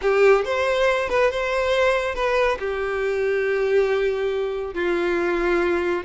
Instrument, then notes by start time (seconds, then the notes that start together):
violin
0.01 G4
0.44 C5
1.09 B4
1.31 C5
2.15 B4
2.59 G4
4.74 F4